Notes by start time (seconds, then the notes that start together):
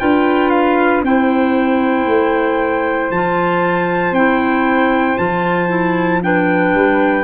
0.00 D4 F4 B4 G5
0.50 F5
1.03 C4 E4 C5 G5
2.06 A3
3.11 F3 F4 A5
4.12 C4 E4 G5
5.18 F3 F4 A5
5.69 E4
6.23 D4 B4 G5
6.75 G3